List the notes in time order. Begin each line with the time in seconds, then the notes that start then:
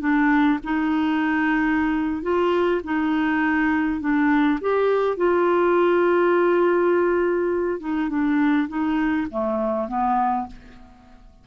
0.00 D4
0.63 D#4
2.22 F4
2.84 D#4
4.01 D4
4.61 G4
5.17 F4
7.80 D#4
8.09 D4
8.68 D#4
9.30 A3
9.88 B3